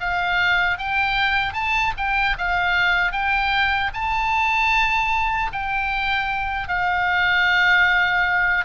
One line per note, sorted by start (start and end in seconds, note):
0.00 0.78 F5
0.78 1.54 G5
1.54 1.93 A5
1.98 2.37 G5
2.38 3.12 F5
3.12 3.91 G5
3.94 5.52 A5
5.53 6.68 G5
6.68 8.65 F5